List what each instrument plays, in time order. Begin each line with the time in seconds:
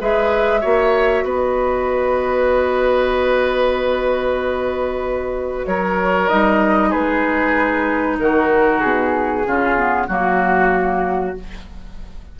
0.00 bassoon G#3, clarinet G#4, oboe B4, flute E5
0.60 bassoon A#3, clarinet F#4, oboe C#5
1.23 bassoon B3, oboe B4, flute D#5
5.66 bassoon F#3, oboe A#4, flute C#5
6.28 bassoon G3, clarinet D#4, flute D#5
6.90 bassoon G#3, oboe G#4, flute B4
8.19 bassoon D#3, oboe F#4, flute A#4
8.81 bassoon B2, flute G#4
9.45 bassoon C#3, clarinet C#4, oboe F4
9.76 clarinet B3
10.07 bassoon F#3, clarinet A#3, oboe F#4
10.14 flute F#4